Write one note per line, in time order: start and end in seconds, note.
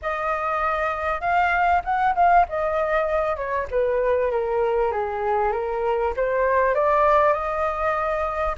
0.02 1.21 D#5
1.21 1.82 F5
1.84 2.14 F#5
2.15 2.45 F5
2.48 3.36 D#5
3.36 3.67 C#5
3.70 4.31 B4
4.31 4.91 A#4
4.91 5.52 G#4
5.52 6.13 A#4
6.16 6.74 C5
6.74 7.33 D5
7.33 8.55 D#5